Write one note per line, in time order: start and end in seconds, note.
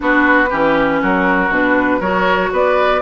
0.00 0.51 B3
0.00 0.46 D4
0.00 0.49 F#4
0.00 1.02 B4
0.49 1.01 E3
0.49 1.51 C#4
0.49 1.00 G4
1.02 1.49 F#3
1.02 2.00 F#4
1.02 1.52 A#4
1.49 2.00 B2
1.49 2.01 D4
1.49 2.01 B4
2.00 2.50 F#3
2.00 3.01 F#4
2.00 2.50 A#4
2.00 2.51 C#5
2.52 3.01 B3
2.52 3.01 B4
2.52 3.01 D5